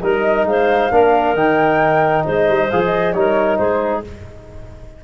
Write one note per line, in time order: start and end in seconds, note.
0.00 0.45 G3
0.00 0.91 D#4
0.00 0.47 A#4
0.00 0.45 D#5
0.45 0.89 G#3
0.45 0.93 C5
0.45 1.35 F5
0.91 1.34 A#3
0.91 1.36 D4
0.91 2.24 A#4
1.34 2.23 D#3
1.34 2.70 D#4
1.34 2.25 G5
2.24 2.48 G#3
2.24 3.14 C5
2.24 2.70 D#5
2.48 2.70 G3
2.70 3.14 F3
2.70 3.14 G#4
2.70 2.81 F5
2.85 3.12 D#5
3.12 3.58 G3
3.12 4.04 D#4
3.12 3.59 A#4
3.12 3.57 C#5
3.57 4.03 G#3
3.57 4.04 G#4
3.57 4.02 C5